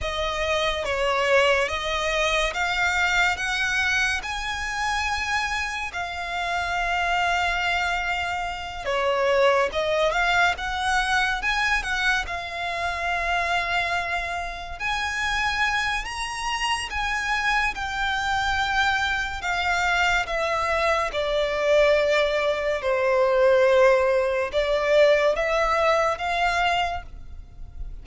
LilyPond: \new Staff \with { instrumentName = "violin" } { \time 4/4 \tempo 4 = 71 dis''4 cis''4 dis''4 f''4 | fis''4 gis''2 f''4~ | f''2~ f''8 cis''4 dis''8 | f''8 fis''4 gis''8 fis''8 f''4.~ |
f''4. gis''4. ais''4 | gis''4 g''2 f''4 | e''4 d''2 c''4~ | c''4 d''4 e''4 f''4 | }